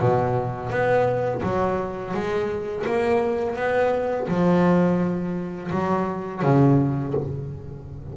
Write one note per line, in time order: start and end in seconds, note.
0.00 0.70 B2
0.70 1.42 B3
1.43 2.14 F#3
2.14 2.86 G#3
2.87 3.56 A#3
3.56 4.28 B3
4.28 5.71 F3
5.71 6.43 F#3
6.43 7.14 C#3